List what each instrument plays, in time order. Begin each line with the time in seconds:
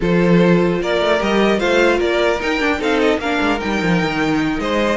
0.00 cello F3, viola F4, violin A4 C5
0.81 cello A#3, violin A#4 D5
1.00 cello A3
1.19 cello G3, viola G4, violin D#5
1.58 cello A3, viola F4, violin C5 F5
1.97 cello A#3, violin A#4 D5
2.39 viola D#4, cello D#4, violin G5
2.60 cello D4, viola D4
2.79 cello C4, viola D#4, violin A4 F5
2.99 violin D#5
3.18 cello A#3, viola D4, violin A#4 F5
3.41 cello G#3
3.58 cello G3, viola D#4, violin G5
3.82 cello F3
4.02 cello D#3
4.58 cello G#3, violin C5 D#5